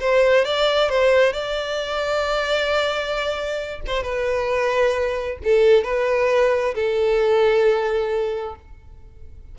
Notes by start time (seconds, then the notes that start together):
0.00 C5
0.44 D5
0.89 C5
1.33 D5
3.87 C5
4.03 B4
5.44 A4
5.84 B4
6.74 A4